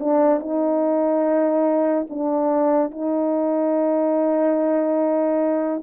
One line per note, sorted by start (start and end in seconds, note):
0.00 0.41 D4
0.41 2.07 D#4
2.10 2.92 D4
2.92 5.83 D#4